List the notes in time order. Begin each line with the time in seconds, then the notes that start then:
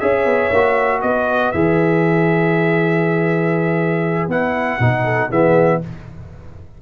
0.00 C#4 G#4 C#5 E5
0.25 B3
0.52 A#3 F#4
1.01 B3 B4 D#5
1.52 E3 G#4 E5
4.28 B3 E4 F#5
4.80 B2 D#4
5.03 A4
5.30 E3 B3 G#4 E5